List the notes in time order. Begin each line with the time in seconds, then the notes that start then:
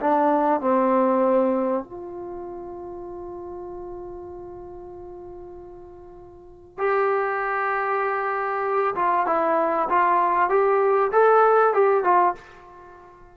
0.00 D4
0.60 C4
1.84 F4
6.78 G4
8.95 F4
9.26 E4
9.89 F4
10.49 G4
11.12 A4
11.73 G4
12.03 F4